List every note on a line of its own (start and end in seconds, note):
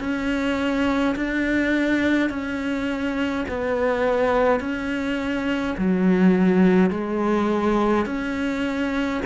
0.00 1.15 C#4
1.16 2.30 D4
2.30 3.46 C#4
3.49 4.60 B3
4.60 5.76 C#4
5.78 6.91 F#3
6.91 8.06 G#3
8.06 9.22 C#4